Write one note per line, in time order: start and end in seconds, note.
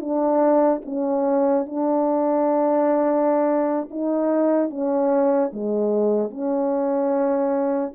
0.00 0.81 D4
0.85 1.66 C#4
1.66 3.89 D4
3.90 4.70 D#4
4.70 5.51 C#4
5.52 6.30 G#3
6.30 7.92 C#4